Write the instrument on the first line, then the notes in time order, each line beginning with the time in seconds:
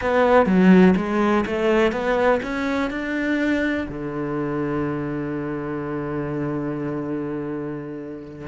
cello
0.01 B3
0.46 F#3
0.96 G#3
1.46 A3
1.92 B3
2.42 C#4
2.90 D4
3.88 D3